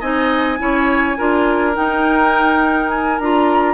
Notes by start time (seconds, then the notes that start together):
0.00 C4 D#4 D#5 G#5
0.58 C#4 E4 C#5
1.18 D4 F4 A#4
1.74 D#4 G5
2.90 G#5
3.18 D4 F4 A#5